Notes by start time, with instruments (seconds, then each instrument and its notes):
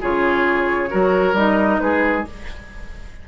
0.00 bassoon C#3, clarinet F4, oboe G#4, flute C#5
0.89 bassoon F#3, clarinet F#4, oboe A#4
1.33 bassoon G3, clarinet D#4, flute D#5
1.79 bassoon G#3, oboe G#4, flute B4